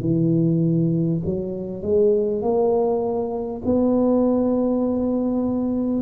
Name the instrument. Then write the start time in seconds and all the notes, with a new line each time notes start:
tuba
0.00 E3
1.25 F#3
1.82 G#3
2.42 A#3
3.65 B3